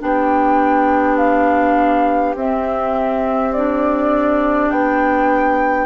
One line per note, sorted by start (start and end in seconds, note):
0.00 2.35 B3
0.00 2.35 D4
0.00 5.86 G4
0.00 1.17 G5
1.17 2.35 F5
2.35 4.70 C4
2.35 3.54 C4
2.35 3.53 E5
3.53 5.86 D4
3.53 4.71 D5
4.71 5.86 B3
4.71 5.86 G5